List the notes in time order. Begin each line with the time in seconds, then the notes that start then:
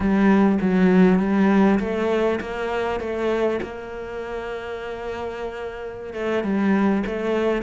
0.00 G3
0.61 F#3
1.19 G3
1.79 A3
2.40 A#3
3.00 A3
3.62 A#3
6.13 A3
6.43 G3
7.06 A3